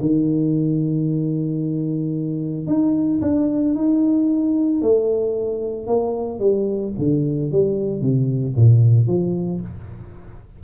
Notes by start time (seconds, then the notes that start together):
0.00 D#3
2.67 D#4
3.21 D4
3.75 D#4
4.82 A3
5.87 A#3
6.39 G3
6.98 D3
7.51 G3
8.01 C3
8.56 A#2
9.07 F3